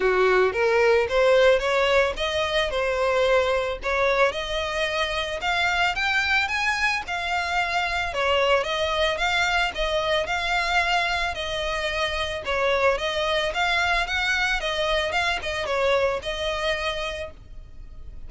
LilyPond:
\new Staff \with { instrumentName = "violin" } { \time 4/4 \tempo 4 = 111 fis'4 ais'4 c''4 cis''4 | dis''4 c''2 cis''4 | dis''2 f''4 g''4 | gis''4 f''2 cis''4 |
dis''4 f''4 dis''4 f''4~ | f''4 dis''2 cis''4 | dis''4 f''4 fis''4 dis''4 | f''8 dis''8 cis''4 dis''2 | }